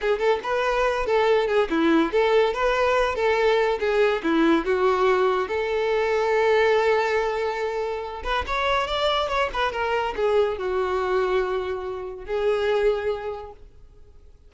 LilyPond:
\new Staff \with { instrumentName = "violin" } { \time 4/4 \tempo 4 = 142 gis'8 a'8 b'4. a'4 gis'8 | e'4 a'4 b'4. a'8~ | a'4 gis'4 e'4 fis'4~ | fis'4 a'2.~ |
a'2.~ a'8 b'8 | cis''4 d''4 cis''8 b'8 ais'4 | gis'4 fis'2.~ | fis'4 gis'2. | }